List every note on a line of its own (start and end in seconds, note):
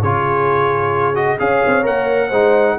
0.00 1.40 C#3
0.00 1.15 F4
0.00 1.38 G#4
0.00 1.15 C#5
1.15 1.38 F#4
1.15 1.38 D#5
1.39 1.63 C#4
1.39 1.83 G#4
1.39 2.28 C#5
1.39 1.85 F5
1.67 1.86 C4
1.83 2.30 A#3
1.83 2.29 A#4
1.83 2.78 F#5
2.28 2.77 G#3
2.28 2.78 D#4
2.28 2.74 C5